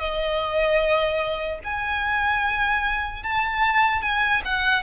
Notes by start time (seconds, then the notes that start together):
0.00 D#5
1.64 G#5
3.24 A5
4.03 G#5
4.45 F#5